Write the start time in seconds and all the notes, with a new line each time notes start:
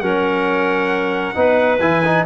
0.00 F#3 C#4 A#4 F#5
1.34 B3 D#4 B4
1.80 E3 E4 G#5
2.05 D#4